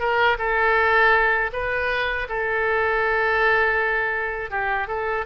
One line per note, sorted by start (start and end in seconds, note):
0.00 0.38 A#4
0.39 1.51 A4
1.53 2.28 B4
2.29 4.51 A4
4.51 4.88 G4
4.88 5.26 A4